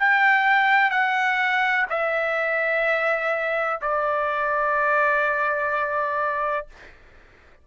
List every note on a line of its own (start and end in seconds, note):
0.00 0.91 G5
0.91 1.86 F#5
1.90 3.81 E5
3.82 6.68 D5